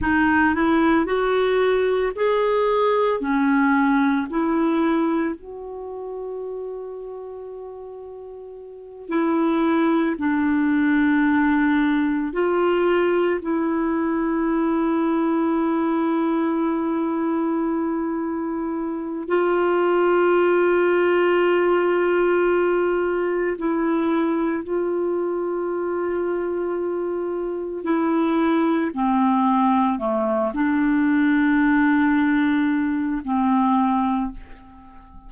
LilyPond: \new Staff \with { instrumentName = "clarinet" } { \time 4/4 \tempo 4 = 56 dis'8 e'8 fis'4 gis'4 cis'4 | e'4 fis'2.~ | fis'8 e'4 d'2 f'8~ | f'8 e'2.~ e'8~ |
e'2 f'2~ | f'2 e'4 f'4~ | f'2 e'4 c'4 | a8 d'2~ d'8 c'4 | }